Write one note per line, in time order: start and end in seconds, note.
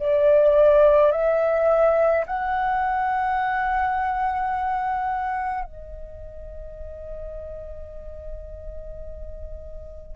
0.00 1.12 D5
1.12 2.25 E5
2.27 5.64 F#5
5.64 10.16 D#5